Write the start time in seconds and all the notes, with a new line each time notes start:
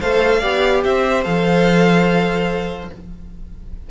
0.00 A3 A4 C5 F5
0.40 B3 G4 D5
0.84 C4 C5 E5
1.24 F3 A4 F5